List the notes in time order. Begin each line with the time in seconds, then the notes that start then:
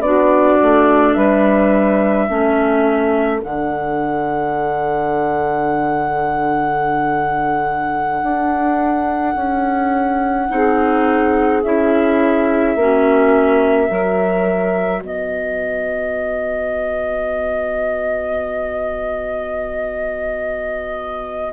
0.00 B3 D4 F#4 D5
0.62 A3
1.14 G3 B4 E5
2.29 A3 C#4 A4
3.42 D3 D4 F#5
8.23 D4
9.35 C#4
10.49 C4 D#4 G#4
11.63 C#4 E4 E5
12.76 A#3 C#4 F#4
13.88 F#3 F#4 A#4
15.02 B3 B4 D#5